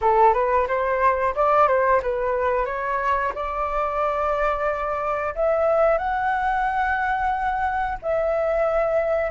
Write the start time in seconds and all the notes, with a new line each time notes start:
0.01 A4
0.33 B4
0.67 C5
1.35 D5
1.67 C5
2.02 B4
2.65 C#5
3.34 D5
5.35 E5
5.98 F#5
8.02 E5